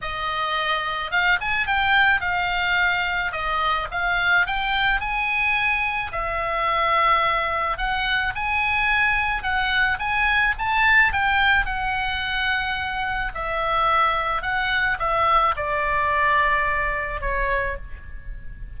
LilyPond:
\new Staff \with { instrumentName = "oboe" } { \time 4/4 \tempo 4 = 108 dis''2 f''8 gis''8 g''4 | f''2 dis''4 f''4 | g''4 gis''2 e''4~ | e''2 fis''4 gis''4~ |
gis''4 fis''4 gis''4 a''4 | g''4 fis''2. | e''2 fis''4 e''4 | d''2. cis''4 | }